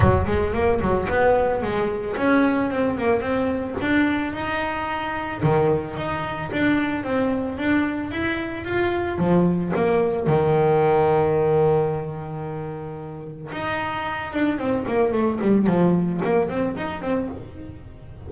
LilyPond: \new Staff \with { instrumentName = "double bass" } { \time 4/4 \tempo 4 = 111 fis8 gis8 ais8 fis8 b4 gis4 | cis'4 c'8 ais8 c'4 d'4 | dis'2 dis4 dis'4 | d'4 c'4 d'4 e'4 |
f'4 f4 ais4 dis4~ | dis1~ | dis4 dis'4. d'8 c'8 ais8 | a8 g8 f4 ais8 c'8 dis'8 c'8 | }